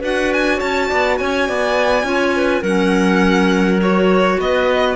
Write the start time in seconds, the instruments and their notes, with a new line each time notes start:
0.00 cello D4, clarinet F#4 B4, violin F#5
0.33 violin G#5
0.57 cello C#4, clarinet C#5, violin A5
0.88 cello B3, clarinet D5
1.18 cello C#4, clarinet C#5, violin G#5
1.48 cello B3, clarinet D5
2.03 cello C#4, clarinet F4 C#5
2.36 clarinet B4
2.62 cello F#3, clarinet C#4 A#4, violin F#5
3.81 clarinet F#4, violin C#5
4.39 cello B3, clarinet B4, violin D#5